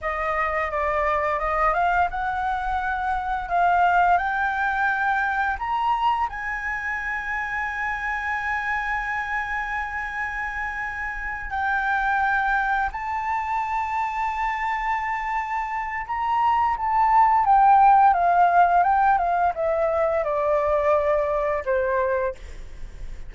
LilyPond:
\new Staff \with { instrumentName = "flute" } { \time 4/4 \tempo 4 = 86 dis''4 d''4 dis''8 f''8 fis''4~ | fis''4 f''4 g''2 | ais''4 gis''2.~ | gis''1~ |
gis''8 g''2 a''4.~ | a''2. ais''4 | a''4 g''4 f''4 g''8 f''8 | e''4 d''2 c''4 | }